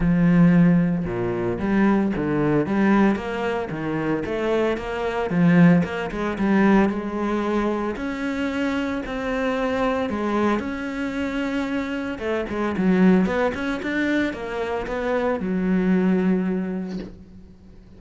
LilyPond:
\new Staff \with { instrumentName = "cello" } { \time 4/4 \tempo 4 = 113 f2 ais,4 g4 | d4 g4 ais4 dis4 | a4 ais4 f4 ais8 gis8 | g4 gis2 cis'4~ |
cis'4 c'2 gis4 | cis'2. a8 gis8 | fis4 b8 cis'8 d'4 ais4 | b4 fis2. | }